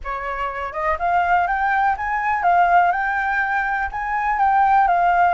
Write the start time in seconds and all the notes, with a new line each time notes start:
0.04 C#5
0.72 D#5
0.98 F5
1.47 G5
1.97 G#5
2.43 F5
2.91 G5
3.91 G#5
4.39 G5
4.87 F5